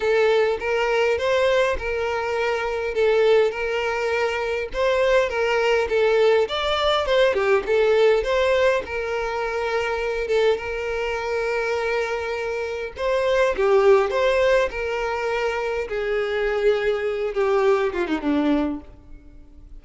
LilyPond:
\new Staff \with { instrumentName = "violin" } { \time 4/4 \tempo 4 = 102 a'4 ais'4 c''4 ais'4~ | ais'4 a'4 ais'2 | c''4 ais'4 a'4 d''4 | c''8 g'8 a'4 c''4 ais'4~ |
ais'4. a'8 ais'2~ | ais'2 c''4 g'4 | c''4 ais'2 gis'4~ | gis'4. g'4 f'16 dis'16 d'4 | }